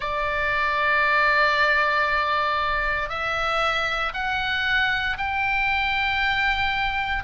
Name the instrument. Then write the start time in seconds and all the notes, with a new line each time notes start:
oboe
0.00 D5
3.08 E5
4.13 F#5
5.17 G5